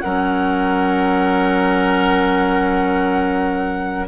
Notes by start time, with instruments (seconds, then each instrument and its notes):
0.00 bassoon F#3, clarinet C#4, oboe A#4, flute F#5